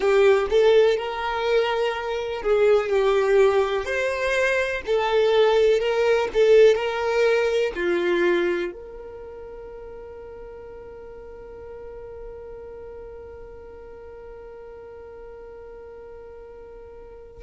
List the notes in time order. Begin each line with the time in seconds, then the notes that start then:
0.00 G4
0.50 A4
0.97 A#4
2.42 G#4
2.89 G4
3.85 C5
4.86 A4
5.79 A#4
6.33 A4
6.75 A#4
7.75 F4
8.71 A#4